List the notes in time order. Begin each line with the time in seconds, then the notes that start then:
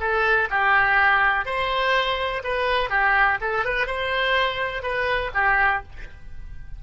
0.00 A4
0.50 G4
1.45 C5
2.44 B4
2.89 G4
3.41 A4
3.65 B4
3.86 C5
4.82 B4
5.34 G4